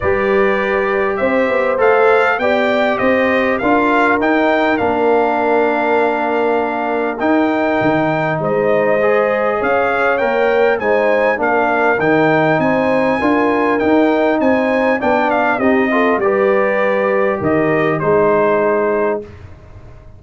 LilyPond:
<<
  \new Staff \with { instrumentName = "trumpet" } { \time 4/4 \tempo 4 = 100 d''2 e''4 f''4 | g''4 dis''4 f''4 g''4 | f''1 | g''2 dis''2 |
f''4 g''4 gis''4 f''4 | g''4 gis''2 g''4 | gis''4 g''8 f''8 dis''4 d''4~ | d''4 dis''4 c''2 | }
  \new Staff \with { instrumentName = "horn" } { \time 4/4 b'2 c''2 | d''4 c''4 ais'2~ | ais'1~ | ais'2 c''2 |
cis''2 c''4 ais'4~ | ais'4 c''4 ais'2 | c''4 d''4 g'8 a'8 b'4~ | b'4 ais'4 gis'2 | }
  \new Staff \with { instrumentName = "trombone" } { \time 4/4 g'2. a'4 | g'2 f'4 dis'4 | d'1 | dis'2. gis'4~ |
gis'4 ais'4 dis'4 d'4 | dis'2 f'4 dis'4~ | dis'4 d'4 dis'8 f'8 g'4~ | g'2 dis'2 | }
  \new Staff \with { instrumentName = "tuba" } { \time 4/4 g2 c'8 b8 a4 | b4 c'4 d'4 dis'4 | ais1 | dis'4 dis4 gis2 |
cis'4 ais4 gis4 ais4 | dis4 c'4 d'4 dis'4 | c'4 b4 c'4 g4~ | g4 dis4 gis2 | }
>>